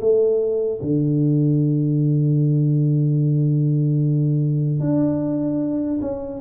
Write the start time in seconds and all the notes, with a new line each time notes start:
0.00 A3
0.82 D3
4.80 D4
6.01 C#4